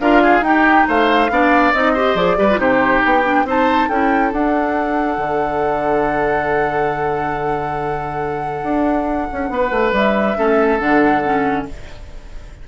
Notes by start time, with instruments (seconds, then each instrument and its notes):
0.00 bassoon D4, clarinet F4, oboe A#4, flute F5
0.22 oboe G#4
0.41 bassoon D#4, clarinet D#4, flute G5
0.47 oboe G4
0.87 bassoon A3, oboe C5, flute F5
1.29 bassoon B3, clarinet D4, oboe D5
1.73 bassoon C4, clarinet D#4, flute D#5
1.93 clarinet G4, oboe C5
2.14 bassoon F3, clarinet G#4, flute D5
2.37 bassoon G3, clarinet G4, oboe B4
2.50 clarinet F4
2.58 bassoon C3, clarinet D#4, oboe G4, flute C5
3.03 bassoon B3, flute G5
3.23 clarinet D4
3.45 bassoon C4, clarinet D#4, oboe C5, flute A5
3.89 bassoon C#4, clarinet E4, oboe A4, flute G5
4.32 bassoon D4, clarinet D4, flute F#5
5.17 bassoon D3
8.63 bassoon D4
9.32 bassoon C#4
9.49 bassoon B3, oboe B4
9.70 bassoon A3
9.92 bassoon G3, flute E5
10.37 bassoon A3, clarinet C#4, oboe A4
10.79 bassoon D3, clarinet D4, flute F#5
11.24 clarinet C#4